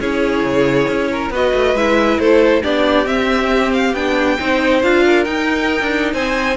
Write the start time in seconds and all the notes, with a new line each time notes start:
0.00 C#4 E4 G#4 C#5
0.43 C#3
0.88 C#4
1.11 A#4
1.31 B3 F#4 B4 D#5
1.54 A3
1.75 G#3 E4 E5
2.19 A3 A4 C5
2.63 B3 D4 G4 D5
3.05 C4 E5
3.73 F5
3.94 B3 D4 G5
4.39 C4 D#4 C5
4.83 D4 F4 F5
5.05 A#4
5.25 D#4 G5
5.81 D4
6.14 C4 C5 G#5